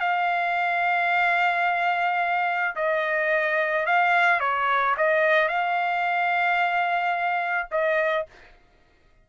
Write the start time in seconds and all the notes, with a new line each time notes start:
0.00 F5
2.76 D#5
3.86 F5
4.40 C#5
4.97 D#5
5.48 F5
7.71 D#5